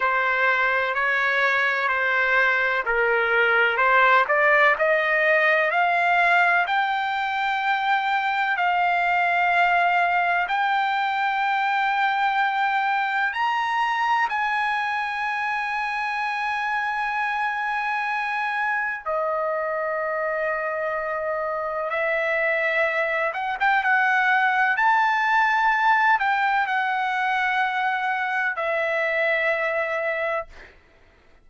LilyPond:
\new Staff \with { instrumentName = "trumpet" } { \time 4/4 \tempo 4 = 63 c''4 cis''4 c''4 ais'4 | c''8 d''8 dis''4 f''4 g''4~ | g''4 f''2 g''4~ | g''2 ais''4 gis''4~ |
gis''1 | dis''2. e''4~ | e''8 fis''16 g''16 fis''4 a''4. g''8 | fis''2 e''2 | }